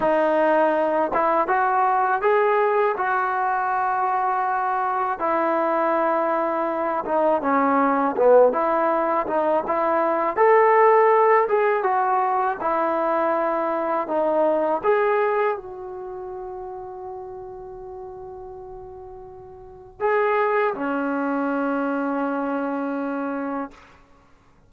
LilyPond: \new Staff \with { instrumentName = "trombone" } { \time 4/4 \tempo 4 = 81 dis'4. e'8 fis'4 gis'4 | fis'2. e'4~ | e'4. dis'8 cis'4 b8 e'8~ | e'8 dis'8 e'4 a'4. gis'8 |
fis'4 e'2 dis'4 | gis'4 fis'2.~ | fis'2. gis'4 | cis'1 | }